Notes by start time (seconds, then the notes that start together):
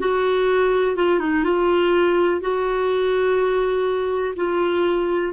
0.00 F#4
0.96 F4
1.20 D#4
1.44 F4
2.41 F#4
4.36 F4